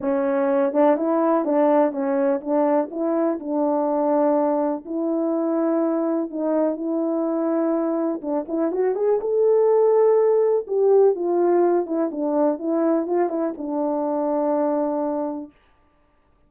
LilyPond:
\new Staff \with { instrumentName = "horn" } { \time 4/4 \tempo 4 = 124 cis'4. d'8 e'4 d'4 | cis'4 d'4 e'4 d'4~ | d'2 e'2~ | e'4 dis'4 e'2~ |
e'4 d'8 e'8 fis'8 gis'8 a'4~ | a'2 g'4 f'4~ | f'8 e'8 d'4 e'4 f'8 e'8 | d'1 | }